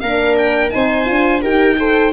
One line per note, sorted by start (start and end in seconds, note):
0.00 0.72 A#3
0.00 0.70 D4
0.00 0.74 A#4
0.00 0.35 F5
0.38 0.70 G5
0.70 1.10 C4
0.70 1.05 D#4
0.70 1.42 C5
0.70 1.40 G#5
1.05 1.43 D4
1.05 1.40 F4
1.42 2.12 D#4
1.42 1.77 G4
1.42 1.77 A#4
1.42 2.12 G5
1.78 2.12 A4
1.78 2.12 C5